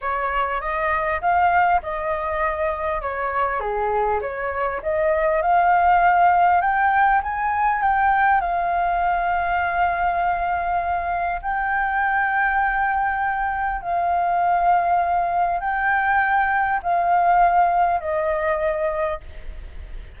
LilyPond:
\new Staff \with { instrumentName = "flute" } { \time 4/4 \tempo 4 = 100 cis''4 dis''4 f''4 dis''4~ | dis''4 cis''4 gis'4 cis''4 | dis''4 f''2 g''4 | gis''4 g''4 f''2~ |
f''2. g''4~ | g''2. f''4~ | f''2 g''2 | f''2 dis''2 | }